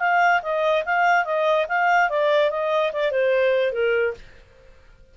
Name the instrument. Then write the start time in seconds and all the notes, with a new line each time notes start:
clarinet
0.00 F5
0.43 D#5
0.86 F5
1.25 D#5
1.69 F5
2.10 D5
2.51 D#5
2.93 D5
3.11 C5
3.73 A#4